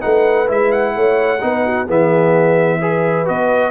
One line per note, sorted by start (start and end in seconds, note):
0.00 0.50 A3
0.00 0.47 D#4
0.00 0.93 B4
0.00 0.48 F#5
0.47 0.96 G#3
0.47 1.40 E4
0.47 0.72 E5
0.72 1.88 F#5
0.95 1.43 A3
0.95 1.42 C#5
1.41 1.89 B3
1.41 1.87 D#4
1.41 1.66 B4
1.66 1.86 F#4
1.86 3.28 E3
1.86 2.81 B3
1.86 2.79 G#4
1.86 3.28 E5
2.79 3.25 G#4
2.79 3.71 B4
3.25 3.71 B3
3.25 3.71 F#4
3.25 3.71 D#5